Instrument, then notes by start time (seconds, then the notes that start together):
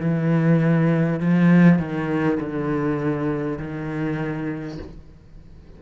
cello
0.00 E3
1.21 F3
1.79 D#3
2.40 D3
3.58 D#3